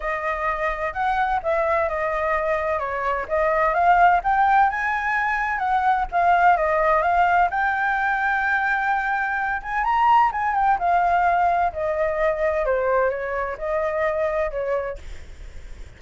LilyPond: \new Staff \with { instrumentName = "flute" } { \time 4/4 \tempo 4 = 128 dis''2 fis''4 e''4 | dis''2 cis''4 dis''4 | f''4 g''4 gis''2 | fis''4 f''4 dis''4 f''4 |
g''1~ | g''8 gis''8 ais''4 gis''8 g''8 f''4~ | f''4 dis''2 c''4 | cis''4 dis''2 cis''4 | }